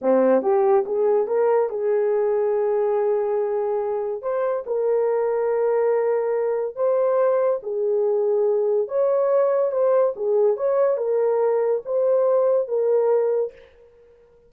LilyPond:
\new Staff \with { instrumentName = "horn" } { \time 4/4 \tempo 4 = 142 c'4 g'4 gis'4 ais'4 | gis'1~ | gis'2 c''4 ais'4~ | ais'1 |
c''2 gis'2~ | gis'4 cis''2 c''4 | gis'4 cis''4 ais'2 | c''2 ais'2 | }